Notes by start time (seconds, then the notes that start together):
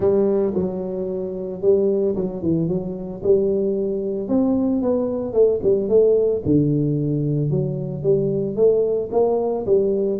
0.00 G3
0.54 F#3
1.61 G3
2.15 F#3
2.42 E3
2.68 F#3
3.23 G3
4.28 C4
4.82 B3
5.33 A3
5.62 G3
5.88 A3
6.45 D3
7.50 F#3
8.03 G3
8.55 A3
9.11 A#3
9.66 G3